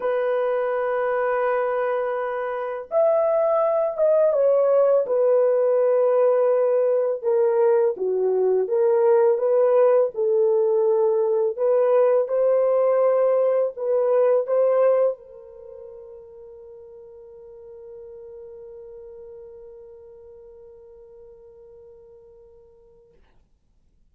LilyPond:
\new Staff \with { instrumentName = "horn" } { \time 4/4 \tempo 4 = 83 b'1 | e''4. dis''8 cis''4 b'4~ | b'2 ais'4 fis'4 | ais'4 b'4 a'2 |
b'4 c''2 b'4 | c''4 ais'2.~ | ais'1~ | ais'1 | }